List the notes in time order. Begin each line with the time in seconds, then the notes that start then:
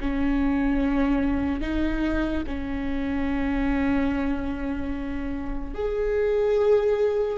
0.00 C#4
1.61 D#4
2.47 C#4
5.74 G#4